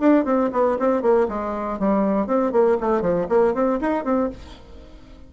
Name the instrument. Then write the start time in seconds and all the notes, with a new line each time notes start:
bassoon
0.00 D4
0.25 C4
0.53 B3
0.79 C4
1.02 A#3
1.29 G#3
1.80 G3
2.27 C4
2.52 A#3
2.81 A3
3.02 F3
3.29 A#3
3.54 C4
3.81 D#4
4.05 C4